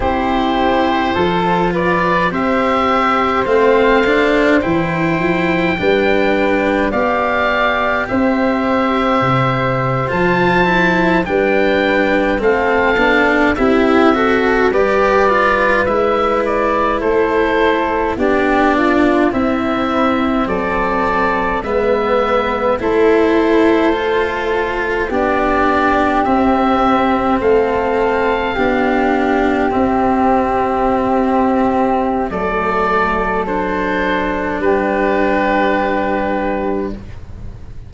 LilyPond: <<
  \new Staff \with { instrumentName = "oboe" } { \time 4/4 \tempo 4 = 52 c''4. d''8 e''4 f''4 | g''2 f''4 e''4~ | e''8. a''4 g''4 f''4 e''16~ | e''8. d''4 e''8 d''8 c''4 d''16~ |
d''8. e''4 d''4 e''4 c''16~ | c''4.~ c''16 d''4 e''4 f''16~ | f''4.~ f''16 e''2~ e''16 | d''4 c''4 b'2 | }
  \new Staff \with { instrumentName = "flute" } { \time 4/4 g'4 a'8 b'8 c''2~ | c''4 b'4 d''4 c''4~ | c''4.~ c''16 b'4 a'4 g'16~ | g'16 a'8 b'2 a'4 g'16~ |
g'16 f'8 e'4 a'4 b'4 a'16~ | a'4.~ a'16 g'2 a'16~ | a'8. g'2.~ g'16 | a'2 g'2 | }
  \new Staff \with { instrumentName = "cello" } { \time 4/4 e'4 f'4 g'4 c'8 d'8 | e'4 d'4 g'2~ | g'8. f'8 e'8 d'4 c'8 d'8 e'16~ | e'16 fis'8 g'8 f'8 e'2 d'16~ |
d'8. c'2 b4 e'16~ | e'8. f'4 d'4 c'4~ c'16~ | c'8. d'4 c'2~ c'16 | a4 d'2. | }
  \new Staff \with { instrumentName = "tuba" } { \time 4/4 c'4 f4 c'4 a4 | e8 f8 g4 b4 c'4 | c8. f4 g4 a8 b8 c'16~ | c'8. g4 gis4 a4 b16~ |
b8. c'4 fis4 gis4 a16~ | a4.~ a16 b4 c'4 a16~ | a8. b4 c'2~ c'16 | fis2 g2 | }
>>